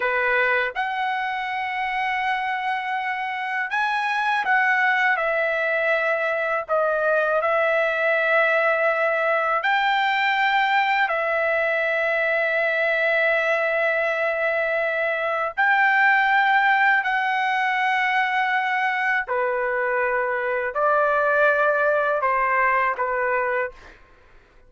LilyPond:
\new Staff \with { instrumentName = "trumpet" } { \time 4/4 \tempo 4 = 81 b'4 fis''2.~ | fis''4 gis''4 fis''4 e''4~ | e''4 dis''4 e''2~ | e''4 g''2 e''4~ |
e''1~ | e''4 g''2 fis''4~ | fis''2 b'2 | d''2 c''4 b'4 | }